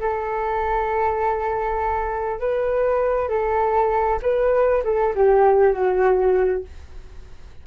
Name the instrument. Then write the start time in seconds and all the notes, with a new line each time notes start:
flute
0.00 A4
2.40 B4
3.29 A4
4.23 B4
4.84 A4
5.15 G4
5.73 F#4